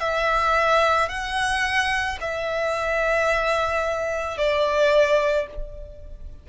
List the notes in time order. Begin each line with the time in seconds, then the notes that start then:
0.00 E5
1.09 F#5
2.21 E5
4.38 D5